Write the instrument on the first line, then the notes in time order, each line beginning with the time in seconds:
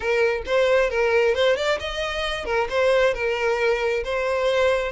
violin
0.00 A#4
0.45 C5
0.90 A#4
1.34 C5
1.56 D5
1.79 D#5
2.45 A#4
2.69 C5
3.14 A#4
4.04 C5